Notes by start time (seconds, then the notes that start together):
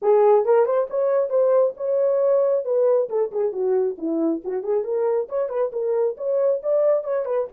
0.02 G#4
0.45 A#4
0.65 C5
0.90 C#5
1.29 C5
1.76 C#5
2.64 B4
3.09 A4
3.31 G#4
3.52 F#4
3.98 E4
4.44 F#4
4.63 G#4
4.84 A#4
5.28 C#5
5.49 B4
5.72 A#4
6.17 C#5
6.63 D5
7.04 C#5
7.25 B4